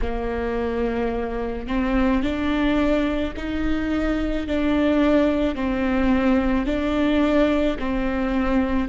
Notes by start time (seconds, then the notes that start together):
0.02 A#3
1.67 C4
2.22 D4
3.36 D#4
4.47 D4
5.55 C4
6.66 D4
7.78 C4